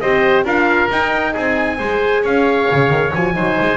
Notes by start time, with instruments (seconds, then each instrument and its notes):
0.00 double bass C4, horn G4, oboe C5, trumpet D#5
0.44 double bass D4, horn F4, oboe A#4, trumpet F5
0.90 double bass D#4, horn D#4, trumpet G5
1.32 double bass C4, oboe G#4, trumpet G#5
1.78 double bass G#3, horn G#4, oboe C5
2.22 double bass C#4, oboe C#5, trumpet F5
2.71 double bass C#3
2.90 double bass D#3
3.14 double bass F3, horn F#4, trumpet G#5
3.33 double bass F#3, horn D#4, oboe C5
3.61 double bass G#3